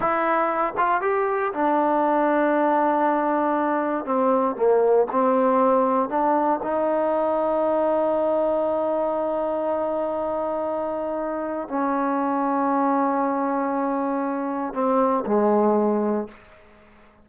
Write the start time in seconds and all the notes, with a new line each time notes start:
0.00 E4
0.77 F4
1.01 G4
1.52 D4
4.05 C4
4.55 A#3
5.11 C4
6.09 D4
6.62 D#4
11.68 C#4
14.73 C4
15.26 G#3